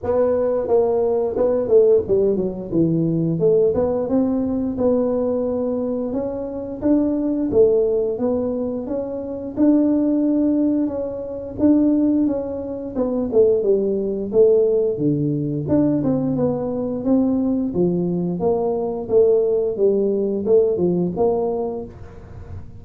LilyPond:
\new Staff \with { instrumentName = "tuba" } { \time 4/4 \tempo 4 = 88 b4 ais4 b8 a8 g8 fis8 | e4 a8 b8 c'4 b4~ | b4 cis'4 d'4 a4 | b4 cis'4 d'2 |
cis'4 d'4 cis'4 b8 a8 | g4 a4 d4 d'8 c'8 | b4 c'4 f4 ais4 | a4 g4 a8 f8 ais4 | }